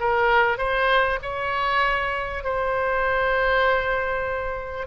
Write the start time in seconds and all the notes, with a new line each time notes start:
0.00 A#4
0.58 C5
1.23 C#5
2.44 C5